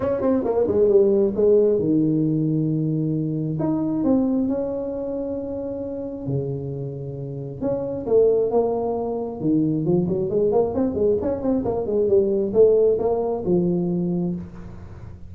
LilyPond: \new Staff \with { instrumentName = "tuba" } { \time 4/4 \tempo 4 = 134 cis'8 c'8 ais8 gis8 g4 gis4 | dis1 | dis'4 c'4 cis'2~ | cis'2 cis2~ |
cis4 cis'4 a4 ais4~ | ais4 dis4 f8 fis8 gis8 ais8 | c'8 gis8 cis'8 c'8 ais8 gis8 g4 | a4 ais4 f2 | }